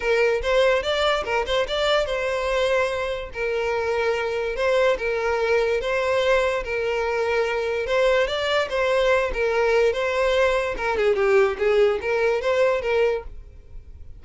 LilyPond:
\new Staff \with { instrumentName = "violin" } { \time 4/4 \tempo 4 = 145 ais'4 c''4 d''4 ais'8 c''8 | d''4 c''2. | ais'2. c''4 | ais'2 c''2 |
ais'2. c''4 | d''4 c''4. ais'4. | c''2 ais'8 gis'8 g'4 | gis'4 ais'4 c''4 ais'4 | }